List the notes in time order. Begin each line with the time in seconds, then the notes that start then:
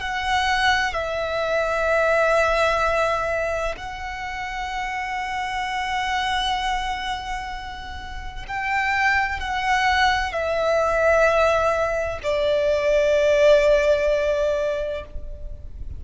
0.00 F#5
0.93 E5
3.77 F#5
8.48 G5
9.40 F#5
10.32 E5
12.23 D5